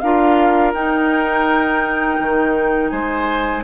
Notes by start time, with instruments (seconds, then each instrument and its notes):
0.00 bassoon D4, clarinet F4, oboe A#4, flute F5
0.74 bassoon D#4, clarinet D#4, flute G5
2.20 bassoon D#3
2.90 bassoon G#3, oboe C5, flute G#5